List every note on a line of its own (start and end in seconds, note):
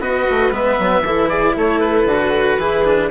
0.00 0.26 B3
0.00 0.52 F#4
0.00 1.05 B4
0.00 0.53 D#5
0.30 0.51 A3
0.51 0.77 G#3
0.51 1.04 B3
0.51 1.29 E5
0.79 1.02 F#3
1.02 1.53 E3
1.02 2.09 E4
1.02 1.29 A4
1.29 1.55 G#4
1.29 1.55 D5
1.56 2.05 A3
1.56 2.59 A4
1.56 1.80 C#5
1.80 3.09 B4
2.05 2.57 D3
2.05 2.60 F#4
2.58 3.10 E3
2.58 2.85 E4
2.58 3.11 G#4
2.85 3.11 D4